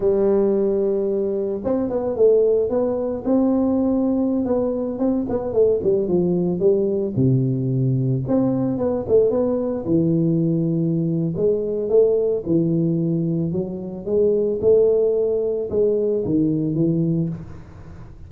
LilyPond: \new Staff \with { instrumentName = "tuba" } { \time 4/4 \tempo 4 = 111 g2. c'8 b8 | a4 b4 c'2~ | c'16 b4 c'8 b8 a8 g8 f8.~ | f16 g4 c2 c'8.~ |
c'16 b8 a8 b4 e4.~ e16~ | e4 gis4 a4 e4~ | e4 fis4 gis4 a4~ | a4 gis4 dis4 e4 | }